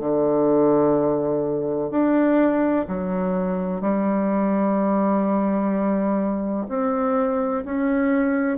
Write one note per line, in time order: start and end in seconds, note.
0.00 1.90 D3
1.90 2.86 D4
2.88 3.81 F#3
3.81 6.67 G3
6.69 7.64 C4
7.65 8.58 C#4